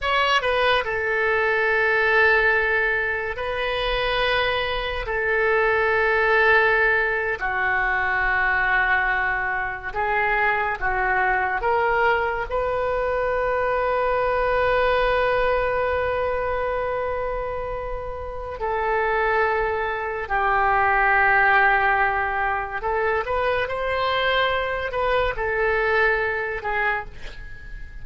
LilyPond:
\new Staff \with { instrumentName = "oboe" } { \time 4/4 \tempo 4 = 71 cis''8 b'8 a'2. | b'2 a'2~ | a'8. fis'2. gis'16~ | gis'8. fis'4 ais'4 b'4~ b'16~ |
b'1~ | b'2 a'2 | g'2. a'8 b'8 | c''4. b'8 a'4. gis'8 | }